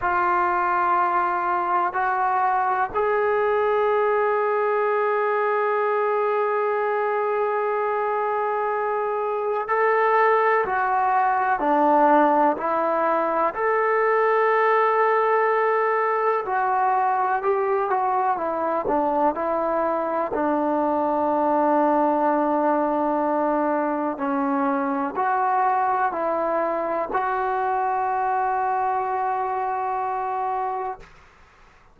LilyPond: \new Staff \with { instrumentName = "trombone" } { \time 4/4 \tempo 4 = 62 f'2 fis'4 gis'4~ | gis'1~ | gis'2 a'4 fis'4 | d'4 e'4 a'2~ |
a'4 fis'4 g'8 fis'8 e'8 d'8 | e'4 d'2.~ | d'4 cis'4 fis'4 e'4 | fis'1 | }